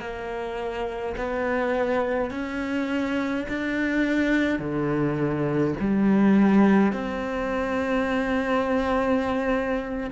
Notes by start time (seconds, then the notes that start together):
0.00 A#3
1.17 B3
2.30 C#4
3.48 D4
4.58 D3
5.80 G3
6.92 C4